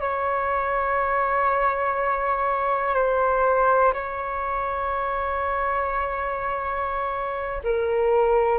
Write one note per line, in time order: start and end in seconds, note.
0.00 2.95 C#5
2.95 3.93 C5
3.93 7.62 C#5
7.64 8.58 A#4